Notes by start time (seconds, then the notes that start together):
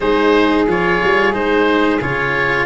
0.00 G#3 D#4 G#4 C5
0.67 F3 F4 C#5
1.03 G3
1.32 G#3 D#4 C5
2.01 C#3 F4 C#5